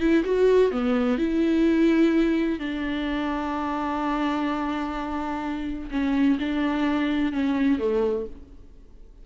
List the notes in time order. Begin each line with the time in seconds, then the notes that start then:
0.00 E4
0.24 F#4
0.72 B3
1.18 E4
2.59 D4
5.91 C#4
6.39 D4
7.32 C#4
7.79 A3